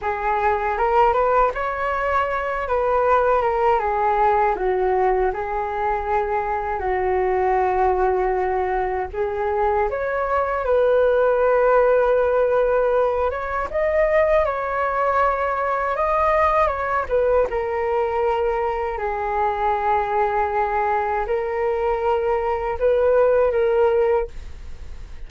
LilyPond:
\new Staff \with { instrumentName = "flute" } { \time 4/4 \tempo 4 = 79 gis'4 ais'8 b'8 cis''4. b'8~ | b'8 ais'8 gis'4 fis'4 gis'4~ | gis'4 fis'2. | gis'4 cis''4 b'2~ |
b'4. cis''8 dis''4 cis''4~ | cis''4 dis''4 cis''8 b'8 ais'4~ | ais'4 gis'2. | ais'2 b'4 ais'4 | }